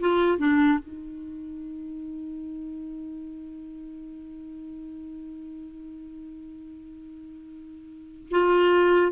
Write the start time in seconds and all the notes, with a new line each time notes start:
0.00 F4
0.38 D4
0.79 D#4
8.31 F4